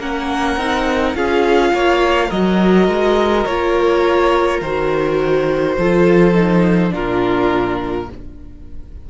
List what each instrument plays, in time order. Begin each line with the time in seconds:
0.00 cello A#3, viola C#4, violin A#4 F#5
0.57 cello C4, viola D#4
1.15 cello C#4, viola F4, violin G#4 F5
1.74 cello A#3, violin C#5
2.28 cello F#3, viola F#4, violin A#4 D#5
2.88 cello G#3
3.46 cello A#3, viola F4, violin C#5
4.62 cello D#3, viola F#4, violin C5
5.78 cello F3, viola F4, violin A4
6.35 viola D#4
6.90 cello A#2, viola D4, violin F4 A#4